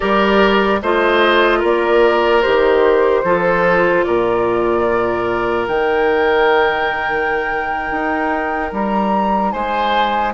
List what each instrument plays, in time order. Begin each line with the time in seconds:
0.00 bassoon G3, clarinet G4, oboe A#4, flute D5
0.82 bassoon A3, clarinet F4, oboe C5, flute D#5
1.59 bassoon A#3, oboe A#4, flute D5
2.42 bassoon D#3, clarinet G4, flute C5
3.23 bassoon F3, clarinet F4, oboe A4
4.04 bassoon A#2, oboe A#4, flute D5
5.67 bassoon D#3, clarinet D#4, flute G5
7.91 bassoon D#4
8.72 bassoon G3, flute A#5
9.51 bassoon G#3, oboe C5, flute G#5